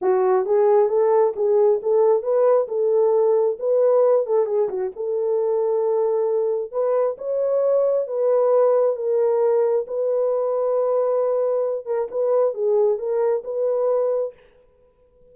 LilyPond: \new Staff \with { instrumentName = "horn" } { \time 4/4 \tempo 4 = 134 fis'4 gis'4 a'4 gis'4 | a'4 b'4 a'2 | b'4. a'8 gis'8 fis'8 a'4~ | a'2. b'4 |
cis''2 b'2 | ais'2 b'2~ | b'2~ b'8 ais'8 b'4 | gis'4 ais'4 b'2 | }